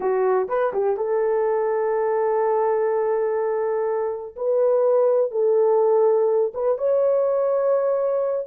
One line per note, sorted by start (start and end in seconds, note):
0.00 0.48 F#4
0.48 0.72 B4
0.73 0.97 G4
0.97 4.35 A4
4.36 5.31 B4
5.31 6.52 A4
6.54 6.77 B4
6.77 8.47 C#5